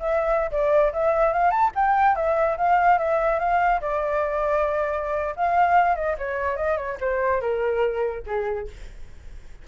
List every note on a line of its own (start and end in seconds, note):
0.00 0.51 E5
0.52 0.93 D5
0.93 1.34 E5
1.34 1.51 F5
1.51 1.72 A5
1.76 2.16 G5
2.16 2.57 E5
2.58 2.99 F5
2.99 3.40 E5
3.40 3.81 F5
3.81 5.35 D5
5.36 5.96 F5
5.96 6.17 D#5
6.18 6.57 C#5
6.57 6.77 D#5
6.78 6.98 C#5
7.01 7.41 C5
7.41 8.23 A#4
8.27 8.68 G#4